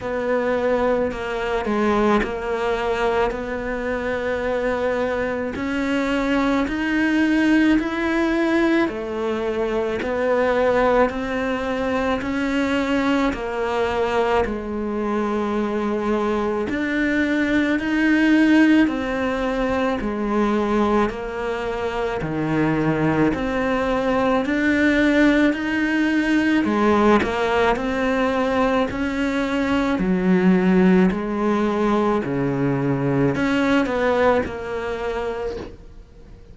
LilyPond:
\new Staff \with { instrumentName = "cello" } { \time 4/4 \tempo 4 = 54 b4 ais8 gis8 ais4 b4~ | b4 cis'4 dis'4 e'4 | a4 b4 c'4 cis'4 | ais4 gis2 d'4 |
dis'4 c'4 gis4 ais4 | dis4 c'4 d'4 dis'4 | gis8 ais8 c'4 cis'4 fis4 | gis4 cis4 cis'8 b8 ais4 | }